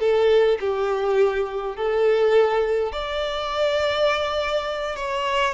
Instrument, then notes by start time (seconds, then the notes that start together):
violin
0.00 A4
0.60 G4
1.76 A4
2.92 D5
4.96 C#5